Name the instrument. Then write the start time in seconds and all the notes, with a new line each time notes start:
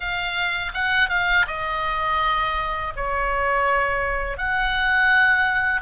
oboe
0.00 F5
0.74 F#5
1.09 F5
1.47 D#5
2.96 C#5
4.37 F#5